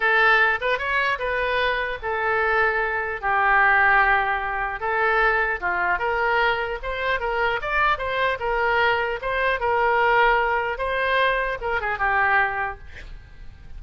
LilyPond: \new Staff \with { instrumentName = "oboe" } { \time 4/4 \tempo 4 = 150 a'4. b'8 cis''4 b'4~ | b'4 a'2. | g'1 | a'2 f'4 ais'4~ |
ais'4 c''4 ais'4 d''4 | c''4 ais'2 c''4 | ais'2. c''4~ | c''4 ais'8 gis'8 g'2 | }